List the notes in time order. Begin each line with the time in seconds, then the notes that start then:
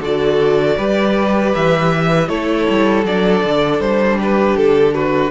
0.00 D3 F#4 A4 D5
0.77 G3 G4 B4
1.54 E3 E5
2.28 A3 E4 A4 C#5
2.69 G3
3.05 F#3 D4 D5
3.43 D3
3.80 G3 C5
4.20 G4 B4
4.57 D3 A4
4.94 F#4 B4